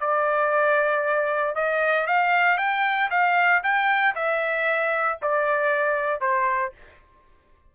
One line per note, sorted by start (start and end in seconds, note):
0.00 1.55 D5
1.56 2.07 D#5
2.07 2.58 F5
2.58 3.10 G5
3.11 3.63 F5
3.63 4.15 G5
4.16 5.19 E5
5.22 6.21 D5
6.21 6.73 C5